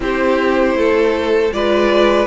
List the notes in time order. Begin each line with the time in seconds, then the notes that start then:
0.00 C4 E4 G4 C5
0.74 A3 A4
1.52 G#3 F4 B4 D5